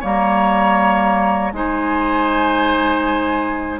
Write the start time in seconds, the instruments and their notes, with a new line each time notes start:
0.00 bassoon G3, clarinet A#3, oboe C#5, flute A#5
1.52 bassoon G#3, clarinet D#4, oboe C5, flute G#5